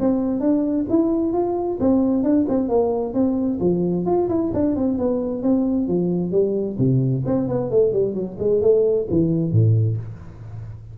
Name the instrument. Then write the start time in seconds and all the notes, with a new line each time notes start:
tuba
0.00 C4
0.41 D4
0.90 E4
1.33 F4
1.81 C4
2.24 D4
2.49 C4
2.69 A#3
3.14 C4
3.61 F3
4.06 F4
4.29 E4
4.54 D4
4.76 C4
4.98 B3
5.43 C4
5.88 F3
6.32 G3
6.79 C3
7.26 C4
7.48 B3
7.71 A3
7.93 G3
8.15 F#3
8.39 G#3
8.62 A3
9.11 E3
9.52 A2